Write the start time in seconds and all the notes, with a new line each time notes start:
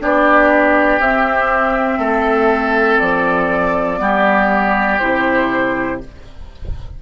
0.00 B3 D4 G4 D5
0.99 C4 E5
1.98 A3 A4
2.99 F3 D5
3.98 G3 B3 G4
4.98 C3 E4 C5